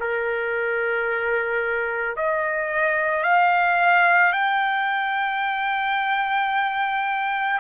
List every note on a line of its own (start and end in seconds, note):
0.00 2.16 A#4
2.16 3.23 D#5
3.23 4.32 F5
4.32 7.60 G5